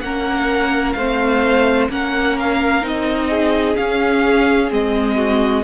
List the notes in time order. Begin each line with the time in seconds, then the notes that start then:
0.00 A#3 C#4 A#4 F#5
0.92 A3 C5 F5
0.99 C4
1.89 A#3 C#4 A#4 F#5
2.39 F5
2.81 C4 D#4 D#5
3.28 G#4
3.75 C#4 F5
4.69 G#3 C4 D#5
5.16 F#4